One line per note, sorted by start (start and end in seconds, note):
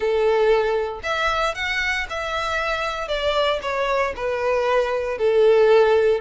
0.00 1.00 A4
1.03 1.54 E5
1.54 2.06 F#5
2.09 3.08 E5
3.08 3.59 D5
3.62 4.13 C#5
4.15 5.18 B4
5.18 6.20 A4